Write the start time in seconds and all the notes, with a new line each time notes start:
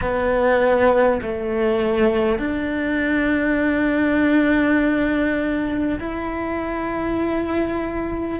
0.01 B3
1.22 A3
2.38 D4
5.99 E4